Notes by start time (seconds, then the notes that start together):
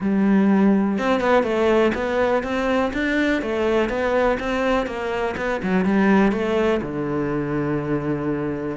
0.00 G3
0.98 C4
1.20 B3
1.43 A3
1.94 B3
2.43 C4
2.93 D4
3.42 A3
3.89 B3
4.39 C4
4.86 A#3
5.37 B3
5.62 F#3
5.84 G3
6.32 A3
6.82 D3